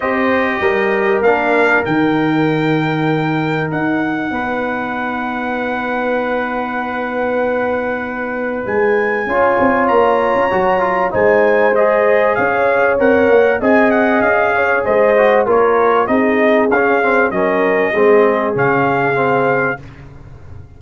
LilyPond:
<<
  \new Staff \with { instrumentName = "trumpet" } { \time 4/4 \tempo 4 = 97 dis''2 f''4 g''4~ | g''2 fis''2~ | fis''1~ | fis''2 gis''2 |
ais''2 gis''4 dis''4 | f''4 fis''4 gis''8 fis''8 f''4 | dis''4 cis''4 dis''4 f''4 | dis''2 f''2 | }
  \new Staff \with { instrumentName = "horn" } { \time 4/4 c''4 ais'2.~ | ais'2. b'4~ | b'1~ | b'2. cis''4~ |
cis''2 c''2 | cis''2 dis''4. cis''8 | c''4 ais'4 gis'2 | ais'4 gis'2. | }
  \new Staff \with { instrumentName = "trombone" } { \time 4/4 g'2 d'4 dis'4~ | dis'1~ | dis'1~ | dis'2. f'4~ |
f'4 fis'8 f'8 dis'4 gis'4~ | gis'4 ais'4 gis'2~ | gis'8 fis'8 f'4 dis'4 cis'8 c'8 | cis'4 c'4 cis'4 c'4 | }
  \new Staff \with { instrumentName = "tuba" } { \time 4/4 c'4 g4 ais4 dis4~ | dis2 dis'4 b4~ | b1~ | b2 gis4 cis'8 c'8 |
ais8. cis'16 fis4 gis2 | cis'4 c'8 ais8 c'4 cis'4 | gis4 ais4 c'4 cis'4 | fis4 gis4 cis2 | }
>>